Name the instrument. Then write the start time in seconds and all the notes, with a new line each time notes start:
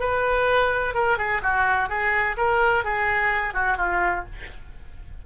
oboe
0.00 B4
0.94 A#4
1.18 G#4
1.43 F#4
1.89 G#4
2.37 A#4
2.85 G#4
3.54 F#4
3.78 F4